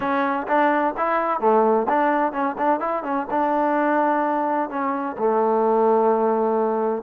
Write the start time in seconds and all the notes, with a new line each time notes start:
0.00 C#4
0.47 D4
0.97 E4
1.40 A3
1.88 D4
2.32 C#4
2.58 D4
2.80 E4
3.03 C#4
3.30 D4
4.69 C#4
5.18 A3